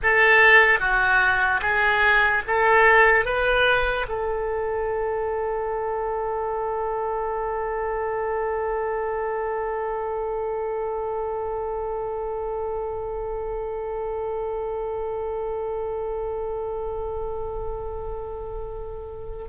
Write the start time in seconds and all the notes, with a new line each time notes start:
0.03 A4
0.79 F#4
1.61 G#4
2.47 A4
3.25 B4
4.08 A4